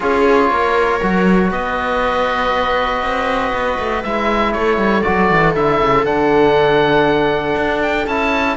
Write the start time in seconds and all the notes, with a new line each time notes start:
0.00 C#4 F4 G#4 C#5
0.50 A#3 A#4
1.02 F#3 F#4
1.50 B3 B4 D#5
3.02 C4
3.53 B3
3.78 A3
4.03 G#3 E4 E5
4.52 A3 A4 C#5
4.77 G3
5.02 F#3 F#4 D5
5.30 E3
5.55 D3 E4 E5
5.80 C#3
6.03 D3 D4 F#5
7.56 D4
7.82 G5
8.06 C#4 E4 A5